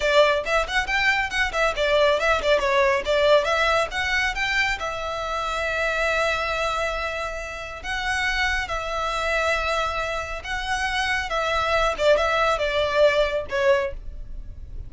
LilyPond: \new Staff \with { instrumentName = "violin" } { \time 4/4 \tempo 4 = 138 d''4 e''8 fis''8 g''4 fis''8 e''8 | d''4 e''8 d''8 cis''4 d''4 | e''4 fis''4 g''4 e''4~ | e''1~ |
e''2 fis''2 | e''1 | fis''2 e''4. d''8 | e''4 d''2 cis''4 | }